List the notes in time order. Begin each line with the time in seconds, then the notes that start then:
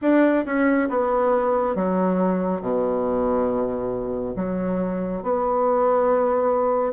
0.01 D4
0.45 C#4
0.89 B3
1.75 F#3
2.61 B2
4.36 F#3
5.23 B3